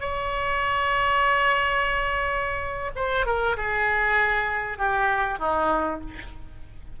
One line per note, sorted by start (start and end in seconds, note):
0.00 2.91 C#5
2.95 3.26 C5
3.26 3.56 A#4
3.56 4.78 G#4
4.78 5.38 G4
5.38 6.00 D#4